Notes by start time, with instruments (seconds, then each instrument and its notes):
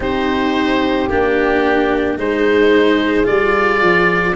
0.00 tuba C4, cello D#4, horn G4, oboe C5
1.08 tuba A#3, cello D4, oboe G4
2.16 tuba G#3, cello D#4, horn G#4, oboe C5
3.24 tuba G3, cello F4, oboe D5
3.81 tuba F3